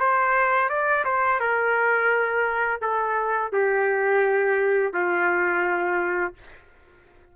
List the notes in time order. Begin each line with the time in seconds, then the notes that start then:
0.00 C5
0.70 D5
1.05 C5
1.40 A#4
2.82 A4
3.52 G4
4.93 F4